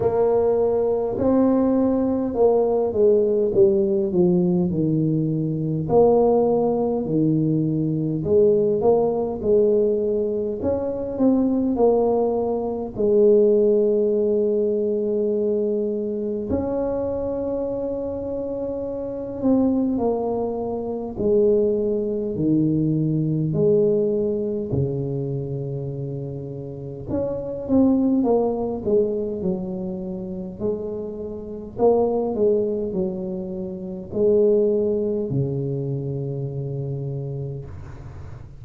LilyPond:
\new Staff \with { instrumentName = "tuba" } { \time 4/4 \tempo 4 = 51 ais4 c'4 ais8 gis8 g8 f8 | dis4 ais4 dis4 gis8 ais8 | gis4 cis'8 c'8 ais4 gis4~ | gis2 cis'2~ |
cis'8 c'8 ais4 gis4 dis4 | gis4 cis2 cis'8 c'8 | ais8 gis8 fis4 gis4 ais8 gis8 | fis4 gis4 cis2 | }